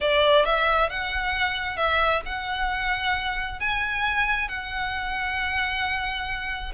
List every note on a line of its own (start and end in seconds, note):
0.00 0.45 D5
0.45 0.89 E5
0.89 1.76 F#5
1.76 2.21 E5
2.25 3.59 F#5
3.59 4.48 G#5
4.48 6.72 F#5